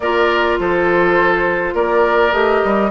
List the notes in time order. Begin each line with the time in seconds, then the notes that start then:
0.00 A#3 F4 A#4 D5
0.59 F3 A4 C5
1.74 A#3 A#4 D5
2.32 A3 G4 D#5
2.64 G3